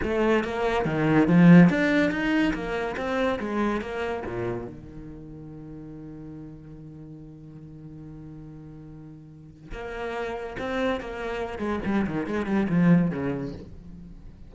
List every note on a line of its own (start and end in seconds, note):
0.02 0.43 A3
0.43 0.85 A#3
0.85 1.27 D#3
1.27 1.69 F3
1.69 2.10 D4
2.10 2.53 D#4
2.53 2.95 A#3
2.96 3.38 C4
3.39 3.81 G#3
3.81 4.23 A#3
4.25 4.66 A#2
4.66 9.71 D#3
9.71 10.56 A#3
10.58 11.00 C4
11.00 11.58 A#3
11.58 11.79 G#3
11.85 12.06 G3
12.06 12.26 D#3
12.26 12.46 G#3
12.46 12.67 G3
12.69 13.10 F3
13.10 13.53 C#3